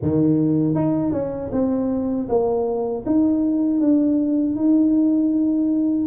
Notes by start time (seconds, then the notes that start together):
0.01 D#3
0.74 D#4
1.12 C#4
1.52 C4
2.28 A#3
3.06 D#4
3.80 D4
4.55 D#4